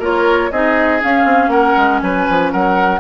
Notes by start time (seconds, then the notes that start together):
0.00 A#3 F4 A#4 C#5
0.51 C4 D#4 G#4 D#5
1.00 C#4 F5
1.24 C4
1.48 A#3 A#4 F#5
1.77 G#3
2.00 F#3 B4 G#5
2.30 F3
2.52 F#3 A#4 F#5